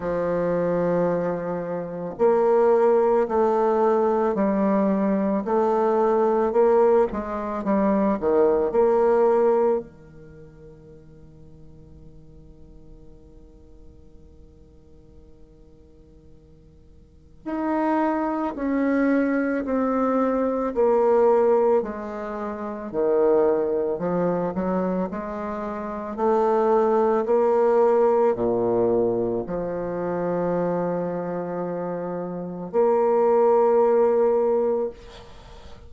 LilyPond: \new Staff \with { instrumentName = "bassoon" } { \time 4/4 \tempo 4 = 55 f2 ais4 a4 | g4 a4 ais8 gis8 g8 dis8 | ais4 dis2.~ | dis1 |
dis'4 cis'4 c'4 ais4 | gis4 dis4 f8 fis8 gis4 | a4 ais4 ais,4 f4~ | f2 ais2 | }